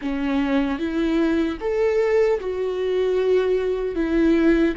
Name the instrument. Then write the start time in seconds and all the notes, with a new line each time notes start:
viola
0.01 C#4
0.79 E4
1.60 A4
2.39 F#4
3.95 E4